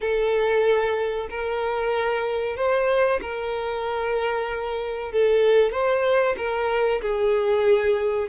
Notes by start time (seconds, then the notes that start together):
0.00 A4
1.30 A#4
2.56 C5
3.21 A#4
5.12 A4
5.71 C5
6.37 A#4
7.01 G#4